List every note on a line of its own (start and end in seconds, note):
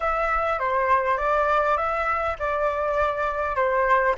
0.00 0.59 E5
0.59 1.17 C5
1.17 1.77 D5
1.77 2.36 E5
2.39 3.56 D5
3.56 4.15 C5